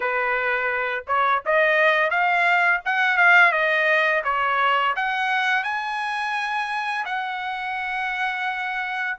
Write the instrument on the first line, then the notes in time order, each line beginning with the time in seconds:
trumpet
0.00 B4
1.07 C#5
1.45 D#5
2.10 F5
2.85 F#5
3.17 F5
3.51 D#5
4.24 C#5
4.95 F#5
5.63 G#5
7.05 F#5